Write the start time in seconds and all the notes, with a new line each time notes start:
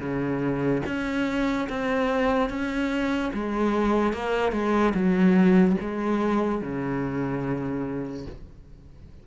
0.00 C#3
0.86 C#4
1.70 C4
2.50 C#4
3.34 G#3
4.14 A#3
4.52 G#3
4.95 F#3
5.81 G#3
6.62 C#3